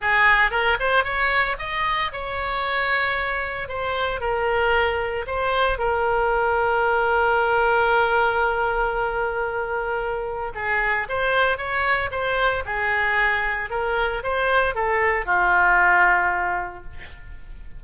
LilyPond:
\new Staff \with { instrumentName = "oboe" } { \time 4/4 \tempo 4 = 114 gis'4 ais'8 c''8 cis''4 dis''4 | cis''2. c''4 | ais'2 c''4 ais'4~ | ais'1~ |
ais'1 | gis'4 c''4 cis''4 c''4 | gis'2 ais'4 c''4 | a'4 f'2. | }